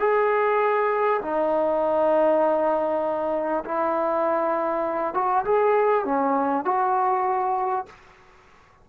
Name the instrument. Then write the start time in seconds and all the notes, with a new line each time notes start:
trombone
0.00 G#4
1.22 D#4
3.65 E4
5.15 F#4
5.45 G#4
6.05 C#4
6.65 F#4